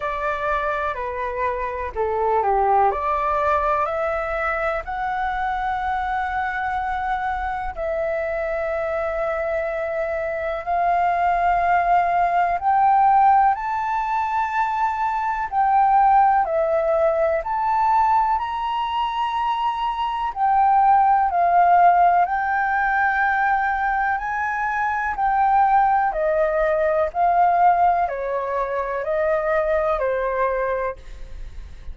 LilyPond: \new Staff \with { instrumentName = "flute" } { \time 4/4 \tempo 4 = 62 d''4 b'4 a'8 g'8 d''4 | e''4 fis''2. | e''2. f''4~ | f''4 g''4 a''2 |
g''4 e''4 a''4 ais''4~ | ais''4 g''4 f''4 g''4~ | g''4 gis''4 g''4 dis''4 | f''4 cis''4 dis''4 c''4 | }